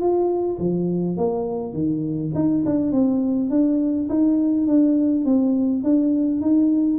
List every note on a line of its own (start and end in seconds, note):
0.00 0.58 F4
0.59 1.18 F3
1.18 1.73 A#3
1.73 2.32 D#3
2.35 2.64 D#4
2.66 2.92 D4
2.92 3.50 C4
3.50 4.09 D4
4.10 4.67 D#4
4.67 5.25 D4
5.25 5.84 C4
5.84 6.42 D4
6.42 6.99 D#4